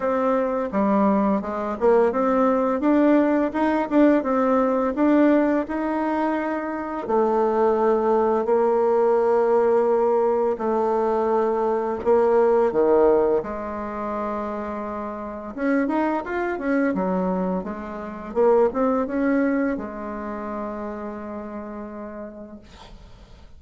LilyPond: \new Staff \with { instrumentName = "bassoon" } { \time 4/4 \tempo 4 = 85 c'4 g4 gis8 ais8 c'4 | d'4 dis'8 d'8 c'4 d'4 | dis'2 a2 | ais2. a4~ |
a4 ais4 dis4 gis4~ | gis2 cis'8 dis'8 f'8 cis'8 | fis4 gis4 ais8 c'8 cis'4 | gis1 | }